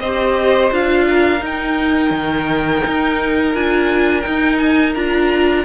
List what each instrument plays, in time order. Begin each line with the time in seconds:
0.00 cello C4, viola G4, violin C5 D#5
0.71 cello D4, viola F4, violin F5
1.09 violin A#4
1.39 viola D#4, cello D#4
1.46 violin G5
2.11 cello D#3
2.87 cello D#4
3.54 cello D4, viola F4, violin G#5
4.21 viola D#4, cello D#4, violin G5
4.58 violin G#5
4.94 cello D4, viola F4, violin A#5